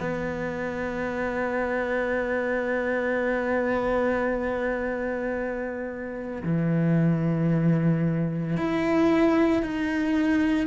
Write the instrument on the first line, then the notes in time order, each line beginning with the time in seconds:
cello
0.00 B3
6.43 E3
8.57 E4
9.63 D#4